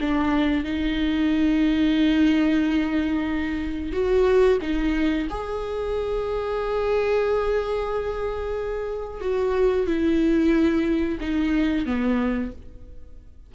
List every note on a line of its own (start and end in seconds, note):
0.00 0.64 D4
0.64 3.92 D#4
3.92 4.58 F#4
4.61 5.27 D#4
5.30 9.21 G#4
9.21 9.87 F#4
9.87 11.18 E4
11.20 11.85 D#4
11.85 12.51 B3